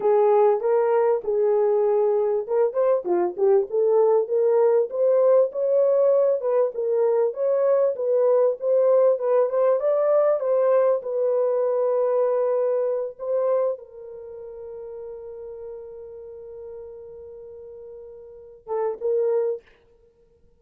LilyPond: \new Staff \with { instrumentName = "horn" } { \time 4/4 \tempo 4 = 98 gis'4 ais'4 gis'2 | ais'8 c''8 f'8 g'8 a'4 ais'4 | c''4 cis''4. b'8 ais'4 | cis''4 b'4 c''4 b'8 c''8 |
d''4 c''4 b'2~ | b'4. c''4 ais'4.~ | ais'1~ | ais'2~ ais'8 a'8 ais'4 | }